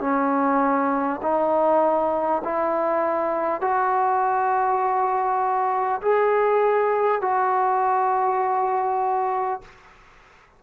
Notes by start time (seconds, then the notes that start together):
0.00 C#4
1.22 D#4
2.44 E4
3.61 F#4
6.01 G#4
7.21 F#4